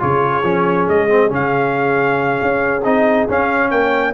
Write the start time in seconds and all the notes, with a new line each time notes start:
0.00 C#3 F4 G#4 C#5
0.43 F3 C#4
0.89 G#3 D#5
1.09 C4
1.29 C#3 C#4 F5
2.42 C#4
2.84 C4 D#4 D#5
3.29 C#4 F5
3.71 A#3 C#5 G5